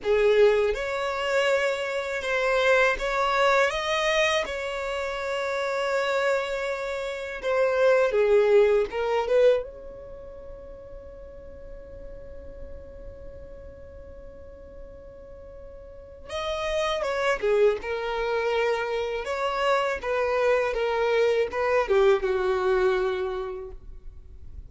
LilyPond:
\new Staff \with { instrumentName = "violin" } { \time 4/4 \tempo 4 = 81 gis'4 cis''2 c''4 | cis''4 dis''4 cis''2~ | cis''2 c''4 gis'4 | ais'8 b'8 cis''2.~ |
cis''1~ | cis''2 dis''4 cis''8 gis'8 | ais'2 cis''4 b'4 | ais'4 b'8 g'8 fis'2 | }